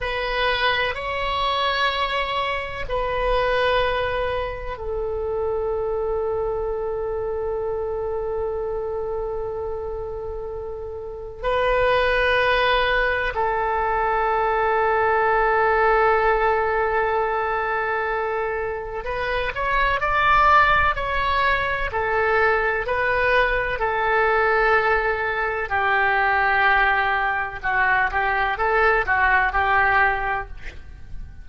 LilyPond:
\new Staff \with { instrumentName = "oboe" } { \time 4/4 \tempo 4 = 63 b'4 cis''2 b'4~ | b'4 a'2.~ | a'1 | b'2 a'2~ |
a'1 | b'8 cis''8 d''4 cis''4 a'4 | b'4 a'2 g'4~ | g'4 fis'8 g'8 a'8 fis'8 g'4 | }